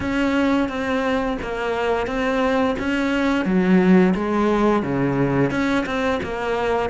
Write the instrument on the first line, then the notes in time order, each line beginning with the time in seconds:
cello
0.00 C#4
0.68 C4
1.42 A#3
2.06 C4
2.78 C#4
3.45 F#3
4.14 G#3
4.82 C#3
5.50 C#4
5.86 C4
6.22 A#3